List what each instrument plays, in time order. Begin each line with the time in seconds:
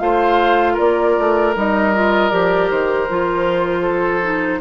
0.00 bassoon A3, clarinet F4, oboe C5, flute F5
0.74 bassoon A#3, oboe A#4, flute D5
1.18 bassoon A3
1.55 bassoon G3, clarinet D#4, flute D#5
1.95 clarinet F4
2.30 bassoon F3, clarinet G4, flute D5
2.70 bassoon D#3, flute C5
3.10 bassoon F3, clarinet F4
3.82 oboe A4
4.22 clarinet D#4